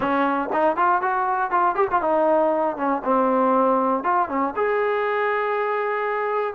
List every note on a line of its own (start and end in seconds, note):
0.00 0.49 C#4
0.52 0.76 D#4
0.76 1.01 F4
1.01 1.50 F#4
1.50 1.75 F4
1.75 1.87 G4
1.90 2.01 F4
2.01 2.76 D#4
2.76 3.02 C#4
3.04 4.03 C4
4.03 4.29 F4
4.29 4.54 C#4
4.56 6.54 G#4